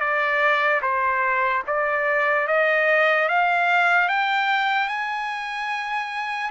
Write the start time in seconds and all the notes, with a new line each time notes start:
0.00 D5
0.82 C5
1.67 D5
2.47 D#5
3.28 F5
4.08 G5
4.88 G#5